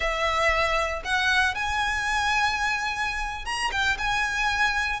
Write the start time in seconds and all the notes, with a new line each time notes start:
0.00 E5
1.04 F#5
1.54 G#5
3.45 A#5
3.71 G5
3.98 G#5